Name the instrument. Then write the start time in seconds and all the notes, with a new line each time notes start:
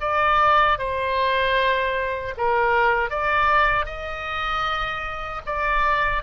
oboe
0.00 D5
0.78 C5
2.37 A#4
3.10 D5
3.85 D#5
5.45 D5